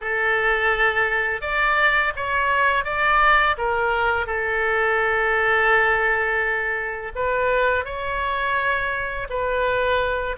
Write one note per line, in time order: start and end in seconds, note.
0.01 1.41 A4
1.41 2.12 D5
2.16 2.84 C#5
2.84 3.56 D5
3.57 4.26 A#4
4.26 7.12 A4
7.15 7.84 B4
7.84 9.27 C#5
9.29 10.36 B4